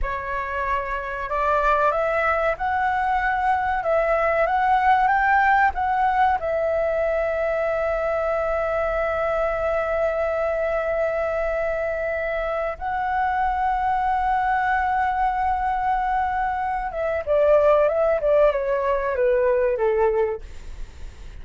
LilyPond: \new Staff \with { instrumentName = "flute" } { \time 4/4 \tempo 4 = 94 cis''2 d''4 e''4 | fis''2 e''4 fis''4 | g''4 fis''4 e''2~ | e''1~ |
e''1 | fis''1~ | fis''2~ fis''8 e''8 d''4 | e''8 d''8 cis''4 b'4 a'4 | }